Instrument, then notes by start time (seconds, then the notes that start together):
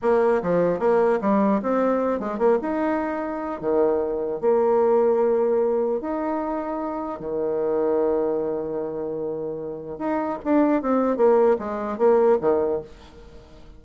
bassoon
0.02 A#3
0.42 F3
0.79 A#3
1.21 G3
1.62 C4
2.19 G#3
2.38 A#3
2.61 D#4
3.61 D#3
4.41 A#3
6.00 D#4
7.19 D#3
9.98 D#4
10.44 D4
10.82 C4
11.16 A#3
11.59 G#3
11.97 A#3
12.41 D#3